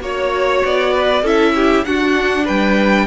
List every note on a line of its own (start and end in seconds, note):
0.00 0.61 A#3
0.00 1.23 F#4
0.00 0.93 C#5
0.00 0.66 C#5
0.64 1.22 B3
0.64 1.26 D5
0.93 1.22 B4
1.22 1.83 C#4
1.22 1.85 E4
1.22 1.53 A4
1.22 1.85 E5
1.55 1.86 G4
1.85 3.06 D4
1.85 2.48 D4
1.85 2.44 F#4
1.85 2.46 F#5
2.44 3.06 G3
2.44 3.05 B4
2.44 3.06 G5